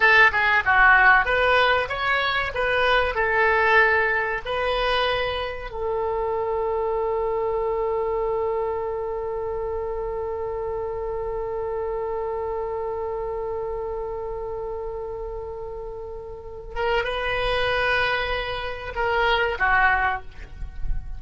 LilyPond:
\new Staff \with { instrumentName = "oboe" } { \time 4/4 \tempo 4 = 95 a'8 gis'8 fis'4 b'4 cis''4 | b'4 a'2 b'4~ | b'4 a'2.~ | a'1~ |
a'1~ | a'1~ | a'2~ a'8 ais'8 b'4~ | b'2 ais'4 fis'4 | }